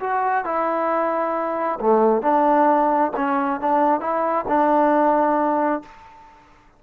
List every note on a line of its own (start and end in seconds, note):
0.00 0.45 F#4
0.45 1.79 E4
1.80 2.22 A3
2.22 3.12 D4
3.16 3.60 C#4
3.60 4.00 D4
4.00 4.45 E4
4.48 5.82 D4